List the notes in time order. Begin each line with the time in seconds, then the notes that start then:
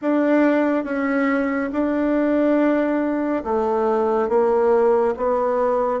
0.01 D4
0.84 C#4
1.72 D4
3.44 A3
4.28 A#3
5.16 B3